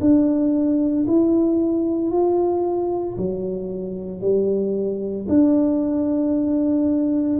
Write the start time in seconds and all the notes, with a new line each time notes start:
0.00 D4
1.07 E4
2.11 F4
3.17 F#3
4.21 G3
5.28 D4